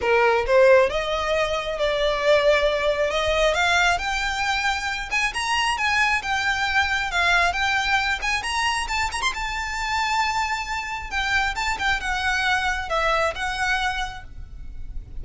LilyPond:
\new Staff \with { instrumentName = "violin" } { \time 4/4 \tempo 4 = 135 ais'4 c''4 dis''2 | d''2. dis''4 | f''4 g''2~ g''8 gis''8 | ais''4 gis''4 g''2 |
f''4 g''4. gis''8 ais''4 | a''8 ais''16 c'''16 a''2.~ | a''4 g''4 a''8 g''8 fis''4~ | fis''4 e''4 fis''2 | }